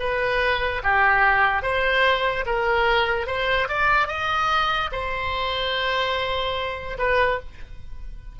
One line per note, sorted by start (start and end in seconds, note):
0.00 0.82 B4
0.84 1.63 G4
1.63 2.45 C5
2.46 3.27 A#4
3.27 3.68 C5
3.69 4.08 D5
4.08 4.90 D#5
4.92 6.98 C5
6.99 7.40 B4